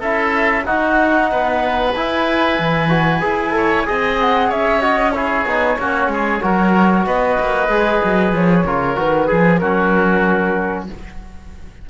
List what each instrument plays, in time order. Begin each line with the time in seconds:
0.00 cello C#4, trombone E4, oboe A4, flute E5
0.65 trombone D#4, cello D#4, oboe F#4, flute F#5
1.32 cello B3, oboe B4
1.94 cello E4, trombone E4, flute G#5
2.59 cello E3
2.89 trombone F#4
3.21 cello E4, trombone G#4
3.51 trombone A4, oboe C#5
3.86 cello C4, trombone G#4, oboe D#5
4.20 flute F#5
4.49 cello C#4, oboe C#5, flute E5
4.82 trombone F#4, flute D#5
5.12 trombone E4, oboe G#4, flute C#5
5.46 cello B3, trombone D#4
5.79 cello A#3, trombone C#4, oboe F#4
6.08 cello G#3, oboe G#4
6.42 cello F#3, trombone F#4, oboe A#4
7.06 cello B3, oboe B4, flute D#5
7.40 cello A#3
7.68 cello G#3, trombone G#4
8.04 cello F#3
8.33 cello F3, flute C#5
8.65 cello C#3, trombone F4, oboe A#4
8.96 cello D#3, trombone F#4, flute B4
9.28 cello F3, trombone G#4, oboe G#4
9.58 cello F#3, trombone C#4, oboe F#4, flute A#4